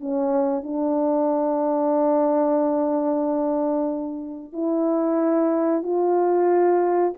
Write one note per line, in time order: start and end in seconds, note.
0.00 0.63 C#4
0.63 4.53 D4
4.53 5.83 E4
5.83 7.13 F4